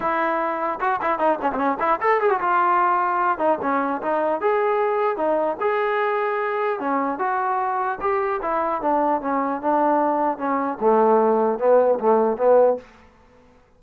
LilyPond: \new Staff \with { instrumentName = "trombone" } { \time 4/4 \tempo 4 = 150 e'2 fis'8 e'8 dis'8 cis'16 c'16 | cis'8 e'8 a'8 gis'16 fis'16 f'2~ | f'8 dis'8 cis'4 dis'4 gis'4~ | gis'4 dis'4 gis'2~ |
gis'4 cis'4 fis'2 | g'4 e'4 d'4 cis'4 | d'2 cis'4 a4~ | a4 b4 a4 b4 | }